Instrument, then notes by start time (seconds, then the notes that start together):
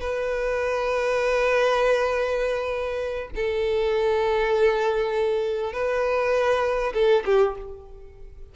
violin
0.00 B4
3.35 A4
5.72 B4
6.93 A4
7.25 G4